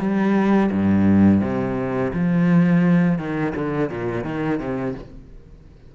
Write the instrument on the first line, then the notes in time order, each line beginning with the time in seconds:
cello
0.00 G3
0.72 G2
1.42 C3
2.14 F3
3.19 D#3
3.56 D3
3.90 A#2
4.25 D#3
4.60 C3